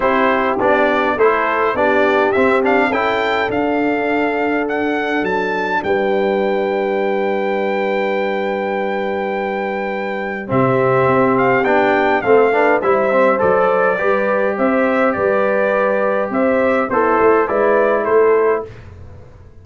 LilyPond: <<
  \new Staff \with { instrumentName = "trumpet" } { \time 4/4 \tempo 4 = 103 c''4 d''4 c''4 d''4 | e''8 f''8 g''4 f''2 | fis''4 a''4 g''2~ | g''1~ |
g''2 e''4. f''8 | g''4 f''4 e''4 d''4~ | d''4 e''4 d''2 | e''4 c''4 d''4 c''4 | }
  \new Staff \with { instrumentName = "horn" } { \time 4/4 g'2 a'4 g'4~ | g'4 a'2.~ | a'2 b'2~ | b'1~ |
b'2 g'2~ | g'4 a'8 b'8 c''2 | b'4 c''4 b'2 | c''4 e'4 b'4 a'4 | }
  \new Staff \with { instrumentName = "trombone" } { \time 4/4 e'4 d'4 e'4 d'4 | c'8 d'8 e'4 d'2~ | d'1~ | d'1~ |
d'2 c'2 | d'4 c'8 d'8 e'8 c'8 a'4 | g'1~ | g'4 a'4 e'2 | }
  \new Staff \with { instrumentName = "tuba" } { \time 4/4 c'4 b4 a4 b4 | c'4 cis'4 d'2~ | d'4 fis4 g2~ | g1~ |
g2 c4 c'4 | b4 a4 g4 fis4 | g4 c'4 g2 | c'4 b8 a8 gis4 a4 | }
>>